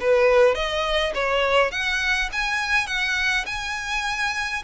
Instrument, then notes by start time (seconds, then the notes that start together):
violin
0.00 B4
0.54 D#5
1.14 C#5
1.71 F#5
2.32 G#5
2.86 F#5
3.46 G#5